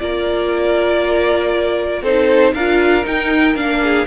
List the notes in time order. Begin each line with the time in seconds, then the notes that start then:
0.00 A#3 F4 A#4 D5
2.02 C4 D#4 A4 C5
2.54 D4 F4 A#4 F5
3.04 D#4 G5
3.55 A#3 D4 F5
3.83 G#4